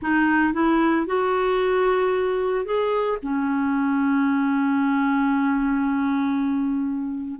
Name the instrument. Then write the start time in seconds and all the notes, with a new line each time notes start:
clarinet
0.01 D#4
0.53 E4
1.06 F#4
2.65 G#4
3.22 C#4